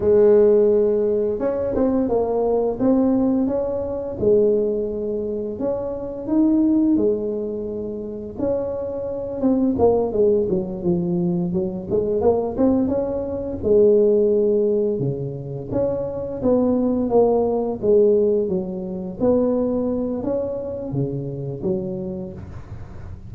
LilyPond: \new Staff \with { instrumentName = "tuba" } { \time 4/4 \tempo 4 = 86 gis2 cis'8 c'8 ais4 | c'4 cis'4 gis2 | cis'4 dis'4 gis2 | cis'4. c'8 ais8 gis8 fis8 f8~ |
f8 fis8 gis8 ais8 c'8 cis'4 gis8~ | gis4. cis4 cis'4 b8~ | b8 ais4 gis4 fis4 b8~ | b4 cis'4 cis4 fis4 | }